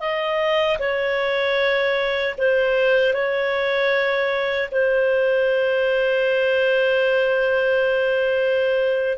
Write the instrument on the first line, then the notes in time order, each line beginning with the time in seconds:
clarinet
0.00 D#5
0.79 C#5
2.38 C5
3.13 C#5
4.71 C5